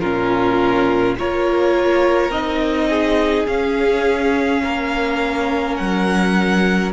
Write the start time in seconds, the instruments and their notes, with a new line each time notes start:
0.00 cello A#2, viola C#4, violin F4 A#4
1.19 cello A#3, viola F4, violin A#4 C#5
2.30 cello C4, viola D#4, violin D#5
2.89 violin G#4
3.47 viola C#4, cello C#4, violin F5
4.63 cello A#3, violin A#4
5.76 cello F#3, violin F#5